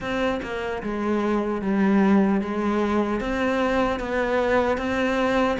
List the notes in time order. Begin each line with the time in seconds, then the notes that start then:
0.00 C4
0.42 A#3
0.83 G#3
1.61 G3
2.41 G#3
3.20 C4
3.99 B3
4.77 C4